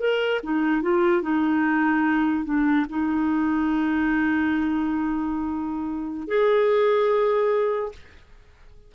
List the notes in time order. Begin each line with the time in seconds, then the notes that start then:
0.00 A#4
0.43 D#4
0.82 F4
1.22 D#4
2.45 D4
2.89 D#4
6.28 G#4